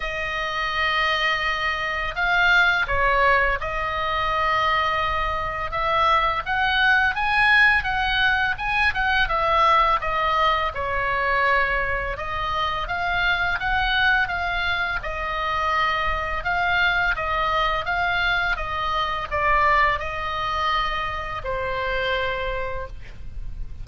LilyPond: \new Staff \with { instrumentName = "oboe" } { \time 4/4 \tempo 4 = 84 dis''2. f''4 | cis''4 dis''2. | e''4 fis''4 gis''4 fis''4 | gis''8 fis''8 e''4 dis''4 cis''4~ |
cis''4 dis''4 f''4 fis''4 | f''4 dis''2 f''4 | dis''4 f''4 dis''4 d''4 | dis''2 c''2 | }